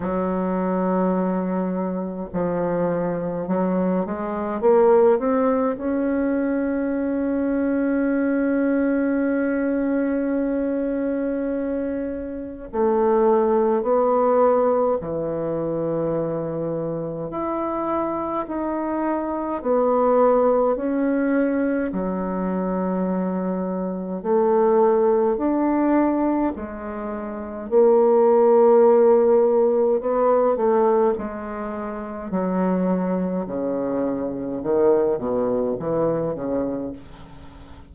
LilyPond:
\new Staff \with { instrumentName = "bassoon" } { \time 4/4 \tempo 4 = 52 fis2 f4 fis8 gis8 | ais8 c'8 cis'2.~ | cis'2. a4 | b4 e2 e'4 |
dis'4 b4 cis'4 fis4~ | fis4 a4 d'4 gis4 | ais2 b8 a8 gis4 | fis4 cis4 dis8 b,8 e8 cis8 | }